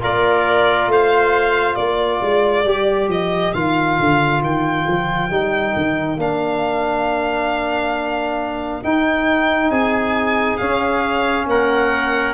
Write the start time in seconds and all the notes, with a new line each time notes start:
0.00 A#3 F4 A#4 D5
0.87 A3 C5 F5
1.75 A#3 A#4 D5
2.22 G#3
2.65 G3 G4
3.08 F3 D#5
3.53 D#3 F4 F5
3.99 D3
4.41 D#3 G5
4.87 F3
5.30 G3 D#4
5.76 D#3
6.16 A#3 D4 F5
8.83 D#4 G5
9.70 C4 G#4 G#5
10.57 C#4 F5
11.46 A#3 A#4 F#5